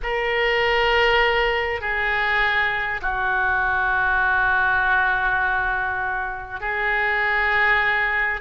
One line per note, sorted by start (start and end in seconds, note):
0.02 1.80 A#4
1.80 3.00 G#4
3.01 6.60 F#4
6.60 8.40 G#4